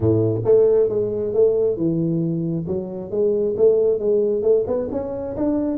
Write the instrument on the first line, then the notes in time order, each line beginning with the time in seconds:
tuba
0.00 A2
0.44 A3
0.89 G#3
1.33 A3
1.77 E3
2.67 F#3
3.11 G#3
3.57 A3
3.99 G#3
4.42 A3
4.66 B3
4.91 C#4
5.36 D4